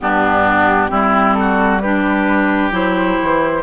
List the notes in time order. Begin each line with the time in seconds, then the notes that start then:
0.01 G2 B3 D4 G4
0.89 G3 C4 E4
1.34 F#4 A4
1.80 D4 G4 B4
2.71 F#3 E4 C5
3.22 E3